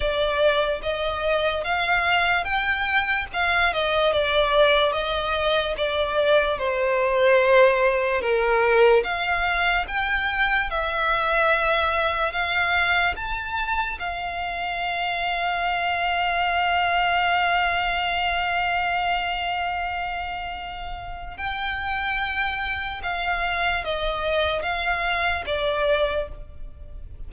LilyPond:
\new Staff \with { instrumentName = "violin" } { \time 4/4 \tempo 4 = 73 d''4 dis''4 f''4 g''4 | f''8 dis''8 d''4 dis''4 d''4 | c''2 ais'4 f''4 | g''4 e''2 f''4 |
a''4 f''2.~ | f''1~ | f''2 g''2 | f''4 dis''4 f''4 d''4 | }